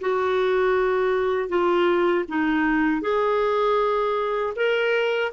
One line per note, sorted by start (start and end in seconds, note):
0.00 1.49 F#4
1.49 2.25 F4
2.28 3.01 D#4
3.01 4.53 G#4
4.56 5.32 A#4